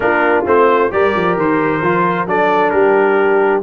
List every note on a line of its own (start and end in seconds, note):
0.00 0.45 A#3
0.00 0.45 D4
0.00 0.92 F4
0.00 0.45 A#4
0.45 0.91 A3
0.45 0.90 C4
0.45 0.92 C5
0.90 1.14 G3
0.90 1.81 G4
0.90 2.28 A#4
0.90 1.37 D5
1.15 1.36 F3
1.36 1.81 D#3
1.36 2.28 C5
1.81 2.26 F3
1.81 2.27 F4
2.26 2.71 F#3
2.26 3.62 D4
2.26 2.72 A4
2.26 2.69 D5
2.69 3.62 G3
2.69 3.62 G4
2.69 3.60 A#4